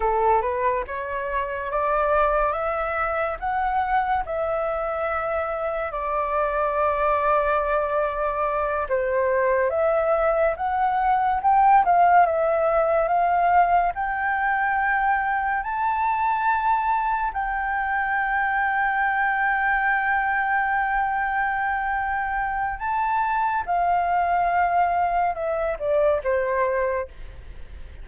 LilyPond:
\new Staff \with { instrumentName = "flute" } { \time 4/4 \tempo 4 = 71 a'8 b'8 cis''4 d''4 e''4 | fis''4 e''2 d''4~ | d''2~ d''8 c''4 e''8~ | e''8 fis''4 g''8 f''8 e''4 f''8~ |
f''8 g''2 a''4.~ | a''8 g''2.~ g''8~ | g''2. a''4 | f''2 e''8 d''8 c''4 | }